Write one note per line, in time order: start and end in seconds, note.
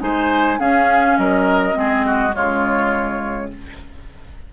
0.00 0.59 G#3
0.00 0.58 D#4
0.00 0.60 C5
0.00 0.59 G#5
0.59 1.17 C#4
0.59 1.73 C#4
0.59 1.18 G#4
0.59 1.18 F5
1.18 1.76 F#3
1.18 1.78 A#4
1.18 2.35 D#5
1.73 2.35 G#3
1.73 2.31 C4
1.73 2.07 G#4
2.07 2.35 F#4
2.32 3.53 C#3
2.32 3.49 G#3
2.32 3.52 F4
2.32 3.51 C#5